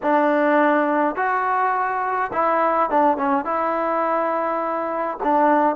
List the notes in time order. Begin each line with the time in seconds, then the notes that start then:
0.02 D4
1.15 F#4
2.33 E4
2.90 D4
3.17 C#4
3.45 E4
5.23 D4